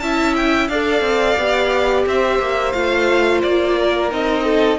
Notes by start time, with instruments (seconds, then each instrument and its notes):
0.00 cello C#4, viola E4, violin E5 A5
0.36 violin G5
0.68 cello D4, viola A4, violin D5 F5
1.01 cello C4
1.37 cello B3, viola G4
2.06 cello C4, violin C5 E5
2.39 cello A#3
2.73 cello A3, viola F4, violin F5
3.42 cello A#3, violin D5
3.79 violin A#4
4.10 cello C4, viola D#4, violin D#5
4.45 violin A4